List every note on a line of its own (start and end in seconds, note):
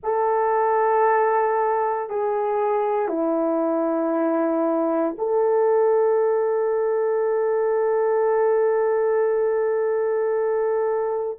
0.03 2.09 A4
2.09 3.08 G#4
3.08 5.15 E4
5.17 11.38 A4